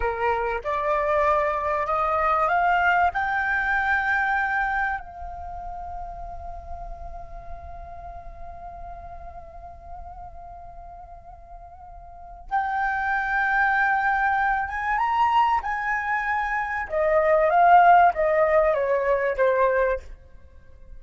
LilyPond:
\new Staff \with { instrumentName = "flute" } { \time 4/4 \tempo 4 = 96 ais'4 d''2 dis''4 | f''4 g''2. | f''1~ | f''1~ |
f''1 | g''2.~ g''8 gis''8 | ais''4 gis''2 dis''4 | f''4 dis''4 cis''4 c''4 | }